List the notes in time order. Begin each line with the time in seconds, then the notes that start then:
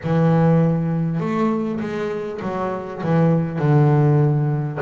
0.03 E3
1.20 A3
1.80 G#3
2.42 F#3
3.03 E3
3.58 D3